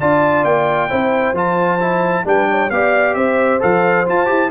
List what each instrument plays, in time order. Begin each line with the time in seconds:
0.00 tuba D4, trombone F4, horn D5, trumpet A5
0.45 tuba A#3, trumpet G5
0.89 tuba C4, trombone E4, horn C5
1.33 tuba F3, trombone F4, trumpet A5
1.81 trombone E4
2.25 tuba G3, trombone D4, horn B4, trumpet G5
2.50 horn C#5
2.71 tuba B3, trombone G4, horn D5, trumpet F5
3.14 tuba C4, horn C5, trumpet E5
3.60 tuba F3, trombone A4, trumpet F5
4.06 trombone F4, tuba F4, trumpet A5
4.26 tuba E4, trombone G4